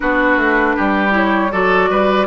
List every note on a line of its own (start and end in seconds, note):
0.00 0.36 B3
0.00 1.10 D4
0.00 0.76 F#4
0.00 1.13 B4
0.36 0.74 A3
0.76 1.52 G3
0.76 1.51 G4
1.10 1.48 E4
1.10 1.52 C#5
1.51 1.90 F#3
1.51 2.26 F#4
1.51 1.89 A4
1.51 2.26 D5
1.90 2.26 G3
1.90 2.26 B4